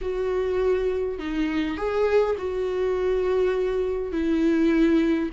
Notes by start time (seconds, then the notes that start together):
0.01 F#4
1.18 D#4
1.77 G#4
2.37 F#4
4.11 E4